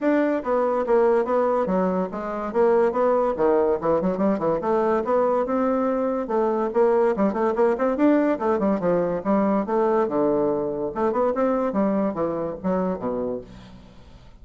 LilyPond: \new Staff \with { instrumentName = "bassoon" } { \time 4/4 \tempo 4 = 143 d'4 b4 ais4 b4 | fis4 gis4 ais4 b4 | dis4 e8 fis8 g8 e8 a4 | b4 c'2 a4 |
ais4 g8 a8 ais8 c'8 d'4 | a8 g8 f4 g4 a4 | d2 a8 b8 c'4 | g4 e4 fis4 b,4 | }